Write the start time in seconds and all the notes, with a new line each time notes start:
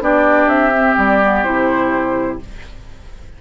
0.00 B3 D4 G4 D5
0.47 C4 E5
0.74 C4
0.97 G3 D5
1.22 B3
1.44 C3 E4 C5